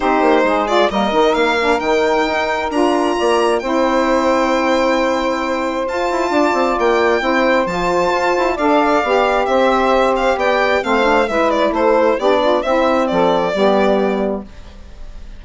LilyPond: <<
  \new Staff \with { instrumentName = "violin" } { \time 4/4 \tempo 4 = 133 c''4. d''8 dis''4 f''4 | g''2 ais''2 | g''1~ | g''4 a''2 g''4~ |
g''4 a''2 f''4~ | f''4 e''4. f''8 g''4 | f''4 e''8 d''8 c''4 d''4 | e''4 d''2. | }
  \new Staff \with { instrumentName = "saxophone" } { \time 4/4 g'4 gis'4 ais'2~ | ais'2. d''4 | c''1~ | c''2 d''2 |
c''2. d''4~ | d''4 c''2 d''4 | c''4 b'4 a'4 g'8 f'8 | e'4 a'4 g'2 | }
  \new Staff \with { instrumentName = "saxophone" } { \time 4/4 dis'4. f'8 ais8 dis'4 d'8 | dis'2 f'2 | e'1~ | e'4 f'2. |
e'4 f'2 a'4 | g'1 | c'8 d'8 e'2 d'4 | c'2 b2 | }
  \new Staff \with { instrumentName = "bassoon" } { \time 4/4 c'8 ais8 gis4 g8 dis8 ais4 | dis4 dis'4 d'4 ais4 | c'1~ | c'4 f'8 e'8 d'8 c'8 ais4 |
c'4 f4 f'8 e'8 d'4 | b4 c'2 b4 | a4 gis4 a4 b4 | c'4 f4 g2 | }
>>